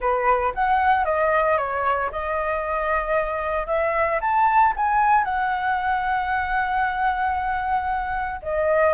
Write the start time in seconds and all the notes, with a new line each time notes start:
0.00 B4
0.54 F#5
1.04 D#5
1.57 C#5
2.11 D#5
3.67 E5
4.20 A5
4.76 G#5
5.24 F#5
8.42 D#5